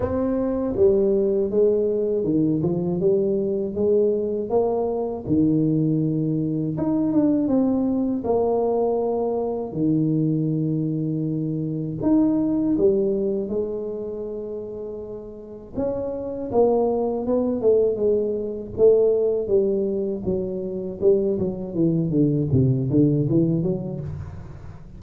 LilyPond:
\new Staff \with { instrumentName = "tuba" } { \time 4/4 \tempo 4 = 80 c'4 g4 gis4 dis8 f8 | g4 gis4 ais4 dis4~ | dis4 dis'8 d'8 c'4 ais4~ | ais4 dis2. |
dis'4 g4 gis2~ | gis4 cis'4 ais4 b8 a8 | gis4 a4 g4 fis4 | g8 fis8 e8 d8 c8 d8 e8 fis8 | }